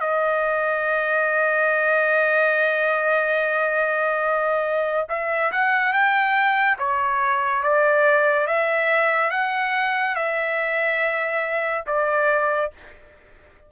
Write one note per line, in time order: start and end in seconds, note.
0.00 5.07 D#5
5.09 5.51 E5
5.52 5.93 F#5
5.93 6.77 G5
6.78 7.63 C#5
7.63 8.47 D5
8.47 9.31 E5
9.31 10.15 F#5
10.15 11.84 E5
11.87 12.71 D5